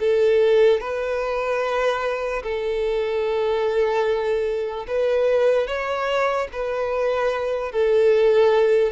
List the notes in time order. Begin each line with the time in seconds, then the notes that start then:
0.00 A4
0.80 B4
2.43 A4
4.87 B4
5.67 C#5
6.52 B4
7.71 A4